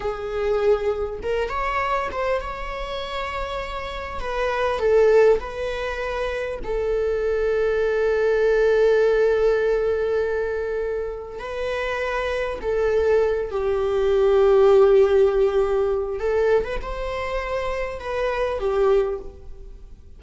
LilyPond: \new Staff \with { instrumentName = "viola" } { \time 4/4 \tempo 4 = 100 gis'2 ais'8 cis''4 c''8 | cis''2. b'4 | a'4 b'2 a'4~ | a'1~ |
a'2. b'4~ | b'4 a'4. g'4.~ | g'2. a'8. b'16 | c''2 b'4 g'4 | }